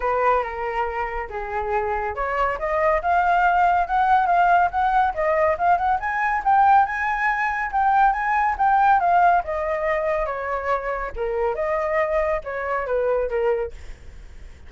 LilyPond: \new Staff \with { instrumentName = "flute" } { \time 4/4 \tempo 4 = 140 b'4 ais'2 gis'4~ | gis'4 cis''4 dis''4 f''4~ | f''4 fis''4 f''4 fis''4 | dis''4 f''8 fis''8 gis''4 g''4 |
gis''2 g''4 gis''4 | g''4 f''4 dis''2 | cis''2 ais'4 dis''4~ | dis''4 cis''4 b'4 ais'4 | }